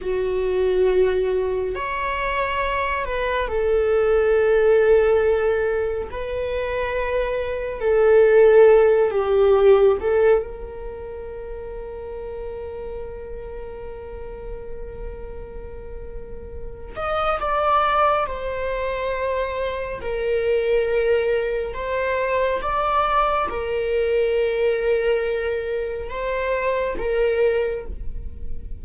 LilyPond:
\new Staff \with { instrumentName = "viola" } { \time 4/4 \tempo 4 = 69 fis'2 cis''4. b'8 | a'2. b'4~ | b'4 a'4. g'4 a'8 | ais'1~ |
ais'2.~ ais'8 dis''8 | d''4 c''2 ais'4~ | ais'4 c''4 d''4 ais'4~ | ais'2 c''4 ais'4 | }